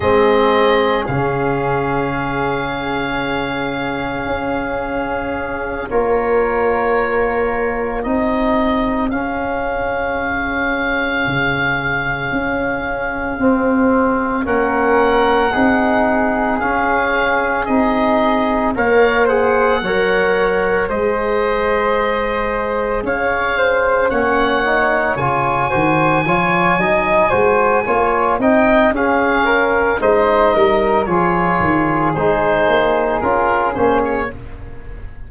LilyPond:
<<
  \new Staff \with { instrumentName = "oboe" } { \time 4/4 \tempo 4 = 56 dis''4 f''2.~ | f''4. cis''2 dis''8~ | dis''8 f''2.~ f''8~ | f''4. fis''2 f''8~ |
f''8 dis''4 f''8 fis''4. dis''8~ | dis''4. f''4 fis''4 gis''8~ | gis''2~ gis''8 g''8 f''4 | dis''4 cis''4 c''4 ais'8 c''16 cis''16 | }
  \new Staff \with { instrumentName = "flute" } { \time 4/4 gis'1~ | gis'4. ais'2 gis'8~ | gis'1~ | gis'4. ais'4 gis'4.~ |
gis'4. cis''8 c''8 cis''4 c''8~ | c''4. cis''8 c''8 cis''4. | c''8 cis''8 dis''8 c''8 cis''8 dis''8 gis'8 ais'8 | c''8 ais'8 gis'2. | }
  \new Staff \with { instrumentName = "trombone" } { \time 4/4 c'4 cis'2.~ | cis'4. f'2 dis'8~ | dis'8 cis'2.~ cis'8~ | cis'8 c'4 cis'4 dis'4 cis'8~ |
cis'8 dis'4 ais'8 gis'8 ais'4 gis'8~ | gis'2~ gis'8 cis'8 dis'8 f'8 | fis'8 f'8 dis'8 fis'8 f'8 dis'8 cis'4 | dis'4 f'4 dis'4 f'8 cis'8 | }
  \new Staff \with { instrumentName = "tuba" } { \time 4/4 gis4 cis2. | cis'4. ais2 c'8~ | c'8 cis'2 cis4 cis'8~ | cis'8 c'4 ais4 c'4 cis'8~ |
cis'8 c'4 ais4 fis4 gis8~ | gis4. cis'4 ais4 cis8 | dis8 f8 fis8 gis8 ais8 c'8 cis'4 | gis8 g8 f8 dis8 gis8 ais8 cis'8 ais8 | }
>>